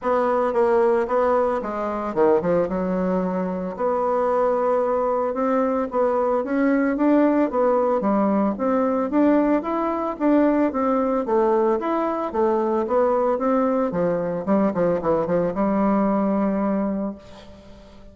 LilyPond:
\new Staff \with { instrumentName = "bassoon" } { \time 4/4 \tempo 4 = 112 b4 ais4 b4 gis4 | dis8 f8 fis2 b4~ | b2 c'4 b4 | cis'4 d'4 b4 g4 |
c'4 d'4 e'4 d'4 | c'4 a4 e'4 a4 | b4 c'4 f4 g8 f8 | e8 f8 g2. | }